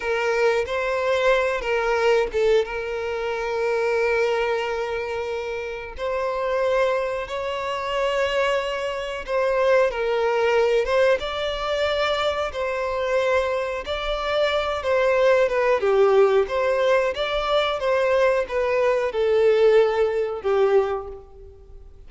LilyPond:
\new Staff \with { instrumentName = "violin" } { \time 4/4 \tempo 4 = 91 ais'4 c''4. ais'4 a'8 | ais'1~ | ais'4 c''2 cis''4~ | cis''2 c''4 ais'4~ |
ais'8 c''8 d''2 c''4~ | c''4 d''4. c''4 b'8 | g'4 c''4 d''4 c''4 | b'4 a'2 g'4 | }